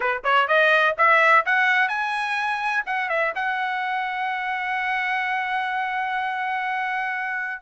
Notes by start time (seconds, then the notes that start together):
0.00 B4
0.23 C#5
0.47 D#5
0.97 E5
1.45 F#5
1.88 G#5
2.85 F#5
3.09 E5
3.35 F#5